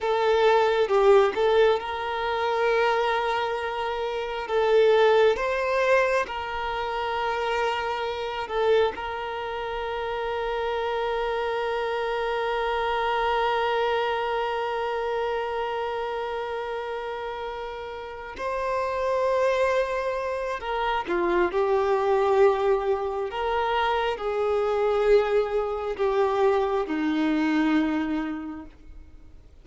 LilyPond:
\new Staff \with { instrumentName = "violin" } { \time 4/4 \tempo 4 = 67 a'4 g'8 a'8 ais'2~ | ais'4 a'4 c''4 ais'4~ | ais'4. a'8 ais'2~ | ais'1~ |
ais'1~ | ais'8 c''2~ c''8 ais'8 f'8 | g'2 ais'4 gis'4~ | gis'4 g'4 dis'2 | }